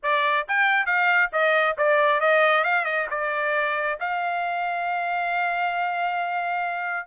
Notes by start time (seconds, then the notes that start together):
0.03 D5
0.47 G5
0.86 F5
1.32 D#5
1.77 D5
2.20 D#5
2.64 F5
2.85 D#5
3.10 D5
4.00 F5